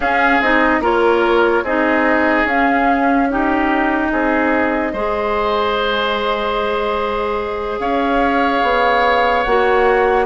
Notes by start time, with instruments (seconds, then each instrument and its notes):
0.00 bassoon C#4, clarinet C#4, oboe G#4, flute F5
0.40 bassoon C4, clarinet D#4, flute D#5
0.80 bassoon A#3, clarinet F4, oboe A#4, flute C#5
1.62 bassoon C4, clarinet D#4, oboe G#4, flute D#5
2.44 bassoon C#4, clarinet C#4, flute F5
3.29 clarinet D#4, oboe G4, flute D#5
4.11 bassoon C4, oboe G#4
4.92 bassoon G#3, clarinet G#4, oboe C5
7.79 bassoon C#4, oboe C#5, flute F5
8.62 bassoon B3
9.43 bassoon A#3, clarinet F#4, flute F#5